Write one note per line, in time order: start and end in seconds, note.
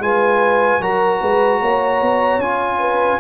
0.00 0.80 G#3
0.00 0.82 F4
0.00 0.82 B4
0.00 0.83 G#5
0.81 1.21 F#3
0.81 2.42 F#4
0.81 1.20 A#4
0.81 2.41 A#5
1.20 1.62 G#3
1.20 1.60 B4
1.62 2.02 A#3
1.62 2.79 C#5
2.02 2.39 B3
2.39 3.19 C#4
2.39 3.21 F4
2.39 3.21 G#5
2.79 3.19 B4